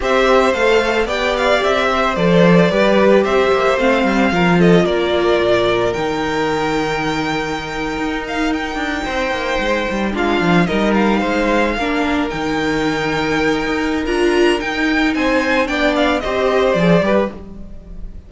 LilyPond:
<<
  \new Staff \with { instrumentName = "violin" } { \time 4/4 \tempo 4 = 111 e''4 f''4 g''8 f''8 e''4 | d''2 e''4 f''4~ | f''8 dis''8 d''2 g''4~ | g''2.~ g''16 f''8 g''16~ |
g''2~ g''8. f''4 dis''16~ | dis''16 f''2~ f''8 g''4~ g''16~ | g''2 ais''4 g''4 | gis''4 g''8 f''8 dis''4 d''4 | }
  \new Staff \with { instrumentName = "violin" } { \time 4/4 c''2 d''4. c''8~ | c''4 b'4 c''2 | ais'8 a'8 ais'2.~ | ais'1~ |
ais'8. c''2 f'4 ais'16~ | ais'8. c''4 ais'2~ ais'16~ | ais'1 | c''4 d''4 c''4. b'8 | }
  \new Staff \with { instrumentName = "viola" } { \time 4/4 g'4 a'4 g'2 | a'4 g'2 c'4 | f'2. dis'4~ | dis'1~ |
dis'2~ dis'8. d'4 dis'16~ | dis'4.~ dis'16 d'4 dis'4~ dis'16~ | dis'2 f'4 dis'4~ | dis'4 d'4 g'4 gis'8 g'8 | }
  \new Staff \with { instrumentName = "cello" } { \time 4/4 c'4 a4 b4 c'4 | f4 g4 c'8 ais8 a8 g8 | f4 ais4 ais,4 dis4~ | dis2~ dis8. dis'4~ dis'16~ |
dis'16 d'8 c'8 ais8 gis8 g8 gis8 f8 g16~ | g8. gis4 ais4 dis4~ dis16~ | dis4~ dis16 dis'8. d'4 dis'4 | c'4 b4 c'4 f8 g8 | }
>>